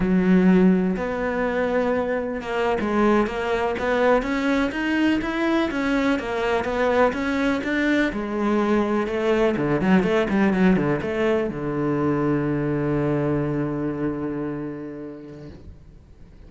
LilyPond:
\new Staff \with { instrumentName = "cello" } { \time 4/4 \tempo 4 = 124 fis2 b2~ | b4 ais8. gis4 ais4 b16~ | b8. cis'4 dis'4 e'4 cis'16~ | cis'8. ais4 b4 cis'4 d'16~ |
d'8. gis2 a4 d16~ | d16 fis8 a8 g8 fis8 d8 a4 d16~ | d1~ | d1 | }